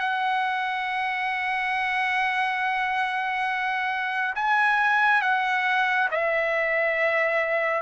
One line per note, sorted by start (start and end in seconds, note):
0.00 4.35 F#5
4.36 5.22 G#5
5.22 6.09 F#5
6.11 7.82 E5